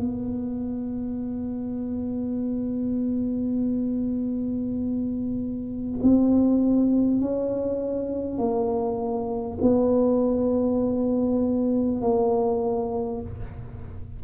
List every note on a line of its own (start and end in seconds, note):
0.00 6.00 B3
6.02 7.20 C4
7.20 8.37 C#4
8.37 9.57 A#3
9.61 12.01 B3
12.01 13.21 A#3